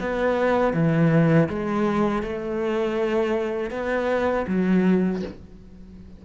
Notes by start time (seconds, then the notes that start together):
0.00 B3
0.73 E3
1.49 G#3
2.22 A3
3.70 B3
4.47 F#3